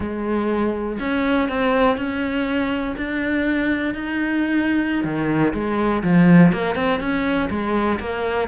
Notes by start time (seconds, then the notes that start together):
0.00 G#3
0.99 C#4
1.48 C4
1.97 C#4
2.96 D4
3.94 D#4
5.03 D#3
5.53 G#3
6.03 F3
6.52 A#3
6.75 C4
7.00 C#4
7.50 G#3
7.99 A#3